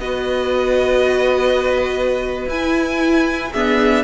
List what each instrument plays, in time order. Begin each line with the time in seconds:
0.00 cello B3, viola F#4, violin B4 D#5
2.46 cello E4, viola E4, violin G#5
3.52 viola B3, cello D4, violin G#4 E5